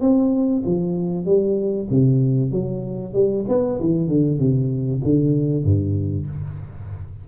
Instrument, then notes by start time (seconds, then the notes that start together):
tuba
0.00 C4
0.65 F3
1.25 G3
1.90 C3
2.51 F#3
3.13 G3
3.48 B3
3.80 E3
4.07 D3
4.38 C3
5.03 D3
5.64 G2